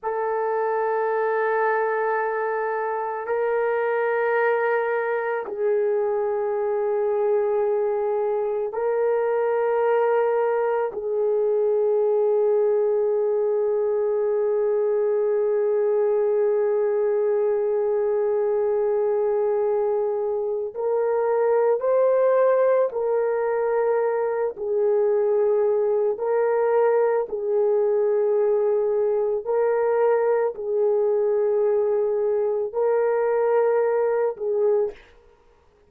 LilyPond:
\new Staff \with { instrumentName = "horn" } { \time 4/4 \tempo 4 = 55 a'2. ais'4~ | ais'4 gis'2. | ais'2 gis'2~ | gis'1~ |
gis'2. ais'4 | c''4 ais'4. gis'4. | ais'4 gis'2 ais'4 | gis'2 ais'4. gis'8 | }